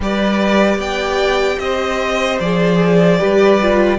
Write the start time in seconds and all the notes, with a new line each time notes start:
0.00 G3 G4 B4 D5
0.77 B3 D5 G5
1.59 C4 C5 D#5
2.40 F3 G#4 D5
3.18 G3 G4 B4
3.61 F4